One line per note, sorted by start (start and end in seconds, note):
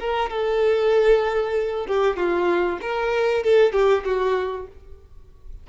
0.00 0.30 A#4
0.30 1.86 A4
1.86 2.17 G4
2.17 2.79 F4
2.81 3.43 A#4
3.43 3.73 A4
3.73 4.04 G4
4.05 4.67 F#4